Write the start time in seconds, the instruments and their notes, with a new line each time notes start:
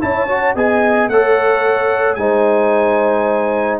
0.00 tuba C#4, trombone E4, horn C#5, trumpet A5
0.28 trombone F#4
0.55 tuba B3, trombone G#4, horn D#5, trumpet G#5
1.08 tuba A3, trombone A4, horn C#5, trumpet F#5
2.15 tuba G#3, trombone D#4, horn C5, trumpet G#5